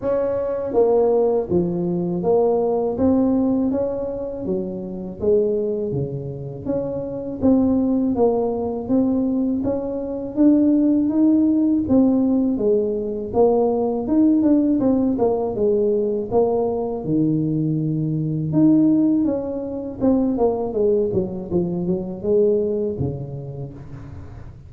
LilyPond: \new Staff \with { instrumentName = "tuba" } { \time 4/4 \tempo 4 = 81 cis'4 ais4 f4 ais4 | c'4 cis'4 fis4 gis4 | cis4 cis'4 c'4 ais4 | c'4 cis'4 d'4 dis'4 |
c'4 gis4 ais4 dis'8 d'8 | c'8 ais8 gis4 ais4 dis4~ | dis4 dis'4 cis'4 c'8 ais8 | gis8 fis8 f8 fis8 gis4 cis4 | }